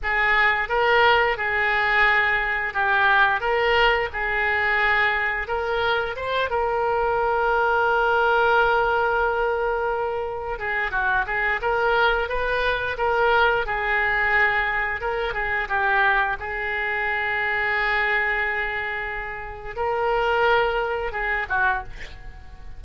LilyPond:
\new Staff \with { instrumentName = "oboe" } { \time 4/4 \tempo 4 = 88 gis'4 ais'4 gis'2 | g'4 ais'4 gis'2 | ais'4 c''8 ais'2~ ais'8~ | ais'2.~ ais'8 gis'8 |
fis'8 gis'8 ais'4 b'4 ais'4 | gis'2 ais'8 gis'8 g'4 | gis'1~ | gis'4 ais'2 gis'8 fis'8 | }